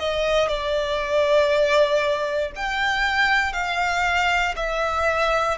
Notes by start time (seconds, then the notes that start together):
0.00 D#5
0.49 D5
2.56 G5
3.54 F5
4.57 E5